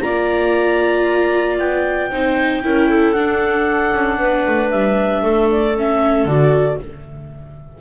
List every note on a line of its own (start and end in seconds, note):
0.00 1.59 A#3
0.00 2.11 F4
0.00 2.10 D5
0.00 1.57 A#5
1.59 2.11 B3
1.59 3.12 G5
2.10 2.63 C4
2.10 2.63 D#4
2.10 2.62 C5
2.63 3.14 C#4
2.63 3.15 E4
2.63 2.89 A#4
2.89 4.19 A4
3.12 3.92 D4
3.12 5.76 D4
3.12 4.69 F#5
3.93 4.19 C#4
4.19 4.45 B3
4.19 5.22 B4
4.47 4.72 A3
4.70 5.23 G3
4.70 5.48 E5
5.22 6.25 A3
5.22 6.79 A4
5.51 5.77 D5
5.76 6.28 C#4
5.76 6.27 E5
6.25 6.77 D3
6.25 6.80 F#4
6.25 6.79 D5